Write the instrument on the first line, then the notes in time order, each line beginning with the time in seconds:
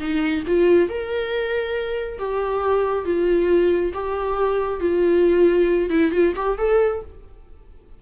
viola
0.00 D#4
0.47 F4
0.89 A#4
2.19 G4
3.05 F4
3.94 G4
4.81 F4
5.90 E4
6.12 F4
6.36 G4
6.58 A4